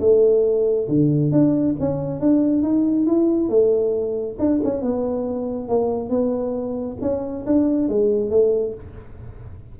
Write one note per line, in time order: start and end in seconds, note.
0.00 0.88 A3
0.89 1.32 D3
1.32 1.76 D4
1.80 2.21 C#4
2.21 2.63 D4
2.63 3.07 D#4
3.07 3.49 E4
3.49 4.37 A3
4.39 4.61 D4
4.64 4.82 C#4
4.82 5.69 B3
5.69 6.10 A#3
6.10 6.97 B3
7.02 7.46 C#4
7.47 7.89 D4
7.89 8.31 G#3
8.31 8.74 A3